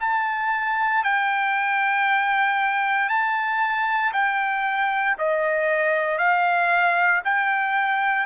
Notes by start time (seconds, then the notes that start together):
0.00 A5
1.03 G5
3.08 A5
4.13 G5
5.18 D#5
6.18 F5
7.24 G5